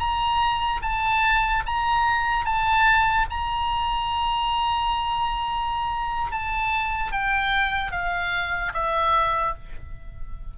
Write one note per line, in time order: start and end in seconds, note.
0.00 0.81 A#5
0.82 1.63 A5
1.67 2.45 A#5
2.45 3.27 A5
3.31 6.32 A#5
6.32 7.12 A5
7.12 7.92 G5
7.92 8.73 F5
8.74 9.55 E5